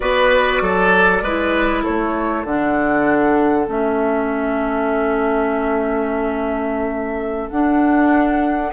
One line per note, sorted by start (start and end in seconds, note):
0.00 0.61 B3
0.00 1.22 F#4
0.00 0.62 B4
0.00 1.82 D5
0.61 1.22 F#3
0.61 1.23 A4
1.22 1.83 G#3
1.22 2.45 E4
1.22 1.83 B4
1.83 2.44 A3
1.83 8.72 A4
1.83 2.45 C#5
2.44 3.66 D3
2.44 3.67 D4
2.44 3.68 F#5
3.67 7.50 A3
3.67 7.50 C#4
3.67 7.49 E5
7.49 8.72 D4
7.49 8.72 F#5